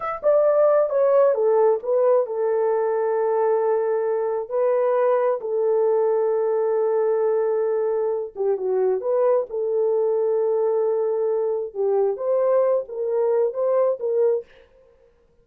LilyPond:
\new Staff \with { instrumentName = "horn" } { \time 4/4 \tempo 4 = 133 e''8 d''4. cis''4 a'4 | b'4 a'2.~ | a'2 b'2 | a'1~ |
a'2~ a'8 g'8 fis'4 | b'4 a'2.~ | a'2 g'4 c''4~ | c''8 ais'4. c''4 ais'4 | }